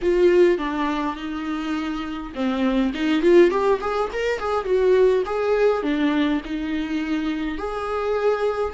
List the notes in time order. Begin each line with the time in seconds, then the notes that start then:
0.02 F4
0.58 D4
1.16 D#4
2.34 C4
2.94 D#4
3.22 F4
3.50 G4
3.80 G#4
4.12 A#4
4.39 G#4
4.64 F#4
5.25 G#4
5.83 D4
6.44 D#4
7.57 G#4